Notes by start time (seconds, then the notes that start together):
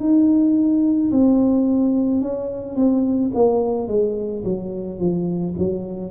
0.00 D#4
1.11 C4
2.21 C#4
2.76 C4
3.34 A#3
3.88 G#3
4.44 F#3
4.99 F3
5.59 F#3